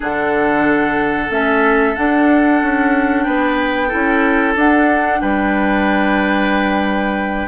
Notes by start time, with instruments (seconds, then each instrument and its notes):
0.00 bassoon D3, clarinet D4, oboe A4, flute F#5
1.30 bassoon A3, clarinet C#4, flute E5
1.95 clarinet D4, bassoon D4, flute F#5
2.62 bassoon C#4
3.23 bassoon B3, oboe B4, flute G5
3.88 bassoon C#4, clarinet E4, oboe A4
4.55 bassoon D4, clarinet D4, flute F#5
5.21 bassoon G3, oboe B4, flute G5